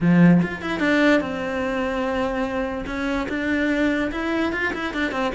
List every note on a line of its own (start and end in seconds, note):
0.00 0.41 F3
0.42 0.61 F4
0.61 0.79 E4
0.79 1.20 D4
1.20 2.85 C4
2.86 3.27 C#4
3.28 4.11 D4
4.11 4.52 E4
4.52 4.73 F4
4.73 4.93 E4
4.93 5.11 D4
5.11 5.32 C4